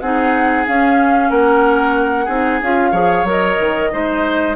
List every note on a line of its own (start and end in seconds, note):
0.00 0.66 C4
0.00 0.67 D#4
0.00 1.30 G#4
0.00 0.65 F#5
0.67 2.28 C#4
0.67 1.30 C#4
0.67 1.30 F5
1.30 2.28 A#3
1.30 2.25 A#4
1.30 2.61 F#5
2.25 2.60 C4
2.25 2.60 D#4
2.25 2.90 G#4
2.62 2.92 C#4
2.62 2.93 F4
2.62 3.28 F5
2.91 3.24 F3
2.91 3.26 G#4
2.91 3.89 C#5
3.24 3.56 F#3
3.24 3.91 A#4
3.24 4.56 D#5
3.60 3.93 D#3
3.91 4.56 G#3
3.91 4.56 D#4
3.91 4.56 C5